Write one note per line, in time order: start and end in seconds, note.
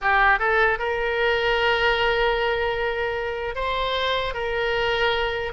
0.01 0.39 G4
0.39 0.78 A4
0.79 3.55 A#4
3.55 4.33 C5
4.34 5.52 A#4